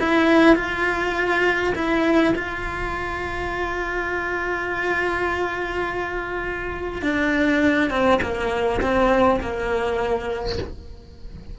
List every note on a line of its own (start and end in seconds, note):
0.00 0.56 E4
0.56 1.74 F4
1.76 2.34 E4
2.36 7.03 F4
7.03 7.91 D4
7.91 8.20 C4
8.22 8.81 A#3
8.82 9.41 C4
9.41 10.59 A#3